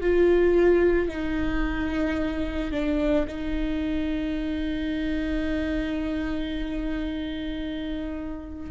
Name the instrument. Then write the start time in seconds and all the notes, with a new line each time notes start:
viola
0.00 F4
1.08 D#4
2.71 D4
3.27 D#4